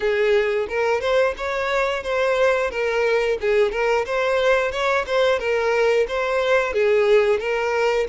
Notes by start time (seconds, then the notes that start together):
0.00 G#4
0.69 A#4
1.00 C5
1.37 C#5
2.03 C5
2.70 A#4
3.40 G#4
3.71 A#4
4.05 C5
4.71 C#5
5.06 C5
5.39 A#4
6.08 C5
6.73 G#4
7.39 A#4